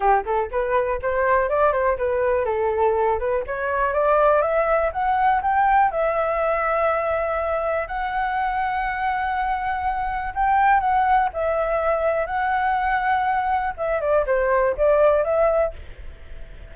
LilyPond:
\new Staff \with { instrumentName = "flute" } { \time 4/4 \tempo 4 = 122 g'8 a'8 b'4 c''4 d''8 c''8 | b'4 a'4. b'8 cis''4 | d''4 e''4 fis''4 g''4 | e''1 |
fis''1~ | fis''4 g''4 fis''4 e''4~ | e''4 fis''2. | e''8 d''8 c''4 d''4 e''4 | }